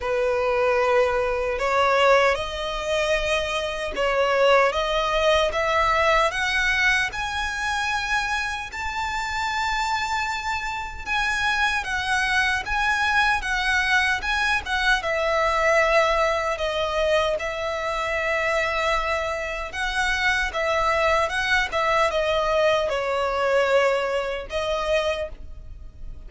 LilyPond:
\new Staff \with { instrumentName = "violin" } { \time 4/4 \tempo 4 = 76 b'2 cis''4 dis''4~ | dis''4 cis''4 dis''4 e''4 | fis''4 gis''2 a''4~ | a''2 gis''4 fis''4 |
gis''4 fis''4 gis''8 fis''8 e''4~ | e''4 dis''4 e''2~ | e''4 fis''4 e''4 fis''8 e''8 | dis''4 cis''2 dis''4 | }